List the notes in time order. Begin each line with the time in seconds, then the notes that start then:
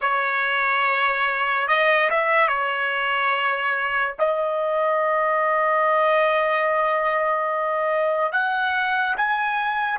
0.01 C#5
1.67 D#5
2.09 E5
2.48 C#5
4.19 D#5
8.32 F#5
9.16 G#5